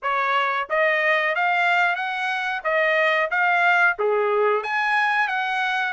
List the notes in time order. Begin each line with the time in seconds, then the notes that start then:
0.02 C#5
0.69 D#5
1.35 F5
1.95 F#5
2.64 D#5
3.30 F5
3.98 G#4
4.63 G#5
5.28 F#5